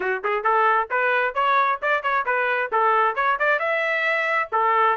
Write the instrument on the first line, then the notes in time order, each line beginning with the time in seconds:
trumpet
0.00 F#4
0.24 G#4
0.43 A4
0.90 B4
1.34 C#5
1.82 D5
2.02 C#5
2.25 B4
2.72 A4
3.15 C#5
3.39 D5
3.59 E5
4.52 A4